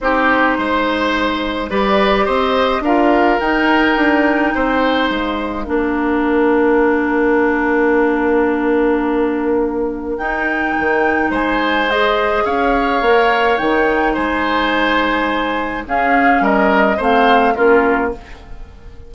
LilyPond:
<<
  \new Staff \with { instrumentName = "flute" } { \time 4/4 \tempo 4 = 106 c''2. d''4 | dis''4 f''4 g''2~ | g''4 f''2.~ | f''1~ |
f''2 g''2 | gis''4 dis''4 f''2 | g''4 gis''2. | f''4 dis''4 f''4 ais'4 | }
  \new Staff \with { instrumentName = "oboe" } { \time 4/4 g'4 c''2 b'4 | c''4 ais'2. | c''2 ais'2~ | ais'1~ |
ais'1 | c''2 cis''2~ | cis''4 c''2. | gis'4 ais'4 c''4 f'4 | }
  \new Staff \with { instrumentName = "clarinet" } { \time 4/4 dis'2. g'4~ | g'4 f'4 dis'2~ | dis'2 d'2~ | d'1~ |
d'2 dis'2~ | dis'4 gis'2 ais'4 | dis'1 | cis'2 c'4 cis'4 | }
  \new Staff \with { instrumentName = "bassoon" } { \time 4/4 c'4 gis2 g4 | c'4 d'4 dis'4 d'4 | c'4 gis4 ais2~ | ais1~ |
ais2 dis'4 dis4 | gis2 cis'4 ais4 | dis4 gis2. | cis'4 g4 a4 ais4 | }
>>